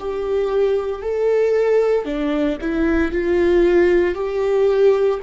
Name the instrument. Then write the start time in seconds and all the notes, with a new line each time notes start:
viola
0.00 G4
1.03 A4
2.05 D4
2.61 E4
3.12 F4
4.15 G4